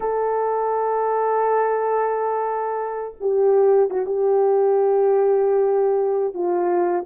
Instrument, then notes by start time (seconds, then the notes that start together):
horn
0.00 A4
3.20 G4
3.90 F#4
4.06 G4
6.34 F4